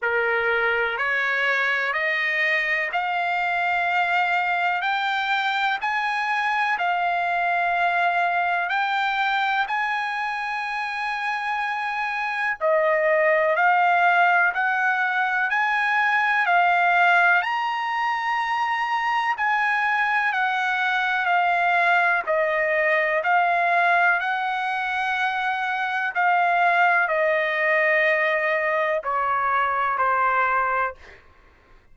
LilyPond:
\new Staff \with { instrumentName = "trumpet" } { \time 4/4 \tempo 4 = 62 ais'4 cis''4 dis''4 f''4~ | f''4 g''4 gis''4 f''4~ | f''4 g''4 gis''2~ | gis''4 dis''4 f''4 fis''4 |
gis''4 f''4 ais''2 | gis''4 fis''4 f''4 dis''4 | f''4 fis''2 f''4 | dis''2 cis''4 c''4 | }